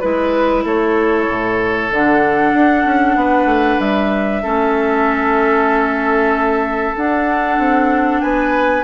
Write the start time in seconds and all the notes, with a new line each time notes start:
0.00 G#3 E4 B4
0.64 A3 A4 C#5
1.28 A2
1.91 D3 D4 F#5
2.53 D4
2.85 C#4
3.16 B3 B4
3.45 A3
3.79 G3 E5
4.43 A3 C#4 A4
6.96 D4 F#5
7.58 C4
8.21 B3 B4 G#5